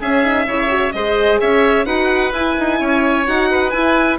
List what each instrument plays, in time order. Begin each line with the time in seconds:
0.00 bassoon C#4, horn C#4, oboe G#4, violin E5
0.23 horn D#4
0.46 bassoon C#3, horn E4, oboe C#5
0.68 horn F#4
0.92 bassoon G#3, horn G#4, oboe C5, violin D#5
1.40 bassoon C#4, oboe C#5, violin E5
1.85 bassoon D#4, horn F#4, oboe B4, violin F#5
2.32 bassoon E4, horn E4, violin G#5
2.59 bassoon D#4
2.80 bassoon C#4, oboe C#5
3.25 bassoon D#4, horn F#4, violin F#5
3.50 oboe B4
3.70 bassoon E4, horn E4, violin G#5